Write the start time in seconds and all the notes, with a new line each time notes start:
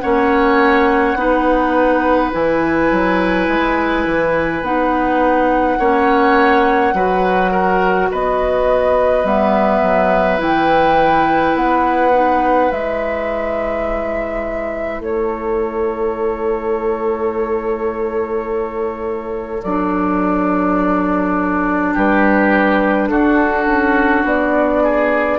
0.00 A#3 C#4 C#5 F#5
1.15 B3 D#4 B4
2.32 E3 E4 G#5
2.91 F#3
3.48 G#3
4.06 E3
4.62 B3 D#4 F#5
5.79 A#3 C#4 C#5
6.94 F#3 F#4 B4
7.51 A#4
8.11 B3 B4 D#5
9.24 G3 B3 E5
9.82 F#3
10.38 E3 E4 G5
11.55 B3 F#5
12.13 D#4
12.70 G#3 E4 E5
14.99 A3 A4 C#5
19.63 F#3 D4 D5
21.93 G3 G4 B4
23.09 D4 F#4 A4
23.67 C#4
24.24 B3 D5
24.83 G#4